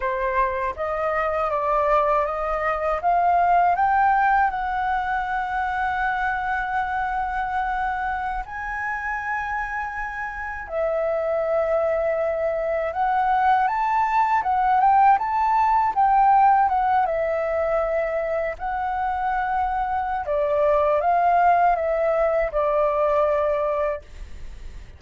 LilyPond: \new Staff \with { instrumentName = "flute" } { \time 4/4 \tempo 4 = 80 c''4 dis''4 d''4 dis''4 | f''4 g''4 fis''2~ | fis''2.~ fis''16 gis''8.~ | gis''2~ gis''16 e''4.~ e''16~ |
e''4~ e''16 fis''4 a''4 fis''8 g''16~ | g''16 a''4 g''4 fis''8 e''4~ e''16~ | e''8. fis''2~ fis''16 d''4 | f''4 e''4 d''2 | }